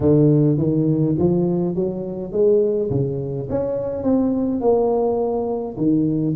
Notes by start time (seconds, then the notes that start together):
0.00 D3
0.57 D#3
1.18 F3
1.75 F#3
2.32 G#3
2.90 C#3
3.49 C#4
4.03 C4
4.60 A#3
5.77 D#3